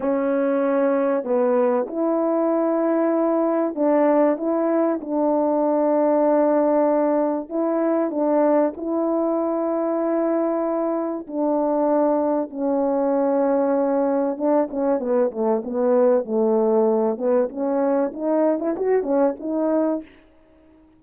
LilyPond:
\new Staff \with { instrumentName = "horn" } { \time 4/4 \tempo 4 = 96 cis'2 b4 e'4~ | e'2 d'4 e'4 | d'1 | e'4 d'4 e'2~ |
e'2 d'2 | cis'2. d'8 cis'8 | b8 a8 b4 a4. b8 | cis'4 dis'8. e'16 fis'8 cis'8 dis'4 | }